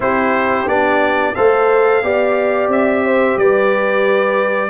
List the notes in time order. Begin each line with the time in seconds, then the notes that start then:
0.00 C4 E4 G4 C5
0.66 B3 D4 D5
1.34 A3 A4 C5 F5
2.03 B3 G4 D5
2.68 C4 E5
3.04 C5
3.36 G3 B4 D5